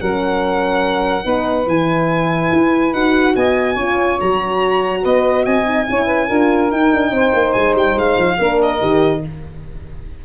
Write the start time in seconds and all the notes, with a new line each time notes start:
0.00 F#3 C#4 A#4 F#5
1.24 B3 D#4 B4
1.67 E3 E4 G#5
2.53 E4
2.94 D#4 F#4 F#5
3.36 B3 D#5 G#5
3.75 C#4 F4 C#5
4.20 F#3 F#4 A#5
5.02 B3 B4 D#5
5.44 C4 D#5 G#5
5.65 D#4
5.88 C#4 E4 C#5
6.06 B4
6.27 D4 F4 A#4
6.71 D#4 G5
6.94 D4
7.11 C4 C5
7.35 A#3
7.53 G#3 G#5
7.75 G3 G5
7.96 G#3 F5
8.17 F3
8.39 A#3 D4 A#4
8.62 D#5
8.79 D#3 G4